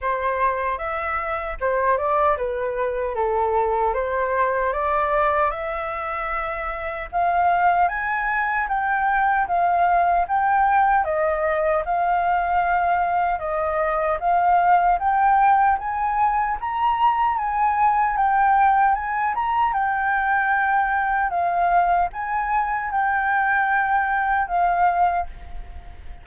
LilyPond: \new Staff \with { instrumentName = "flute" } { \time 4/4 \tempo 4 = 76 c''4 e''4 c''8 d''8 b'4 | a'4 c''4 d''4 e''4~ | e''4 f''4 gis''4 g''4 | f''4 g''4 dis''4 f''4~ |
f''4 dis''4 f''4 g''4 | gis''4 ais''4 gis''4 g''4 | gis''8 ais''8 g''2 f''4 | gis''4 g''2 f''4 | }